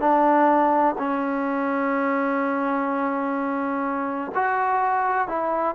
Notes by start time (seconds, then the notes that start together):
0.00 D4
0.98 C#4
4.35 F#4
5.28 E4